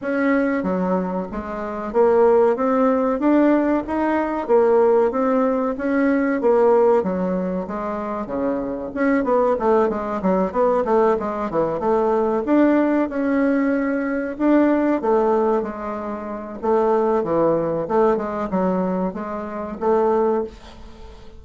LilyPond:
\new Staff \with { instrumentName = "bassoon" } { \time 4/4 \tempo 4 = 94 cis'4 fis4 gis4 ais4 | c'4 d'4 dis'4 ais4 | c'4 cis'4 ais4 fis4 | gis4 cis4 cis'8 b8 a8 gis8 |
fis8 b8 a8 gis8 e8 a4 d'8~ | d'8 cis'2 d'4 a8~ | a8 gis4. a4 e4 | a8 gis8 fis4 gis4 a4 | }